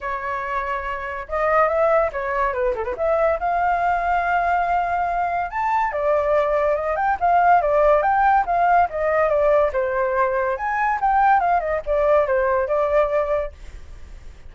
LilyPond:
\new Staff \with { instrumentName = "flute" } { \time 4/4 \tempo 4 = 142 cis''2. dis''4 | e''4 cis''4 b'8 a'16 b'16 e''4 | f''1~ | f''4 a''4 d''2 |
dis''8 g''8 f''4 d''4 g''4 | f''4 dis''4 d''4 c''4~ | c''4 gis''4 g''4 f''8 dis''8 | d''4 c''4 d''2 | }